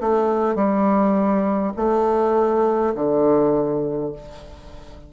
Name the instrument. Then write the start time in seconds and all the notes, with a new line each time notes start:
bassoon
0.00 A3
0.55 G3
1.76 A3
2.94 D3